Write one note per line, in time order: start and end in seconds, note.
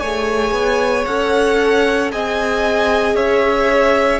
0.00 0.52 A3
0.00 1.08 G#4
0.00 2.12 C#5
0.00 1.05 G#5
0.52 1.04 B3
1.06 2.13 C#4
1.06 2.12 A4
1.06 2.11 F#5
2.12 3.15 C4
2.12 4.20 G#4
2.12 3.16 D#5
2.12 3.16 G#5
3.15 4.20 C#4
3.15 4.20 C#5
3.15 4.20 E5